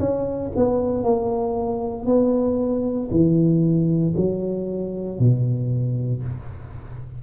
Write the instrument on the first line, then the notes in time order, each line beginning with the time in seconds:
tuba
0.00 C#4
0.56 B3
1.04 A#3
2.06 B3
3.11 E3
4.17 F#3
5.20 B2